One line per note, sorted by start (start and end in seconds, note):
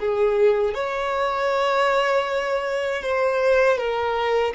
0.00 0.74 G#4
0.74 3.02 C#5
3.02 3.78 C5
3.78 4.54 A#4